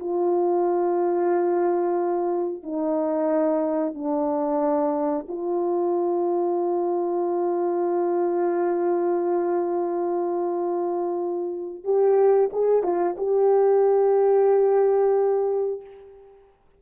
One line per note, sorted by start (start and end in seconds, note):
0.00 2.63 F4
2.63 3.95 D#4
3.95 5.27 D4
5.28 11.84 F4
11.84 12.50 G4
12.53 12.83 G#4
12.83 13.16 F4
13.18 15.82 G4